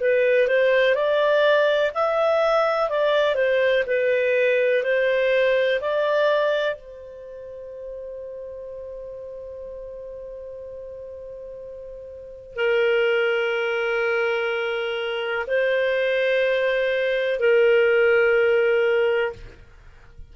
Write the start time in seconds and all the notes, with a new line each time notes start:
0.00 B4
0.48 C5
0.95 D5
1.94 E5
2.90 D5
3.36 C5
3.87 B4
4.83 C5
5.81 D5
6.76 C5
12.56 A#4
15.48 C5
17.40 A#4